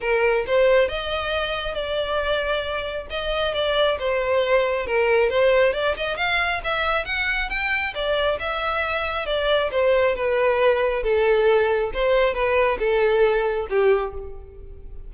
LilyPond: \new Staff \with { instrumentName = "violin" } { \time 4/4 \tempo 4 = 136 ais'4 c''4 dis''2 | d''2. dis''4 | d''4 c''2 ais'4 | c''4 d''8 dis''8 f''4 e''4 |
fis''4 g''4 d''4 e''4~ | e''4 d''4 c''4 b'4~ | b'4 a'2 c''4 | b'4 a'2 g'4 | }